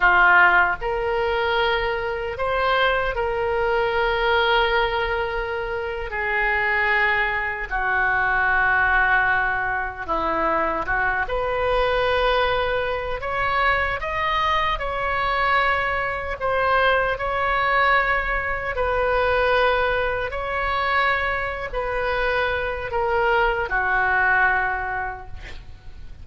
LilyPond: \new Staff \with { instrumentName = "oboe" } { \time 4/4 \tempo 4 = 76 f'4 ais'2 c''4 | ais'2.~ ais'8. gis'16~ | gis'4.~ gis'16 fis'2~ fis'16~ | fis'8. e'4 fis'8 b'4.~ b'16~ |
b'8. cis''4 dis''4 cis''4~ cis''16~ | cis''8. c''4 cis''2 b'16~ | b'4.~ b'16 cis''4.~ cis''16 b'8~ | b'4 ais'4 fis'2 | }